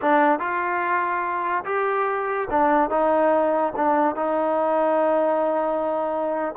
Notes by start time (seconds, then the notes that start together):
0.01 D4
0.39 F4
1.64 G4
2.50 D4
2.90 D#4
3.75 D4
4.15 D#4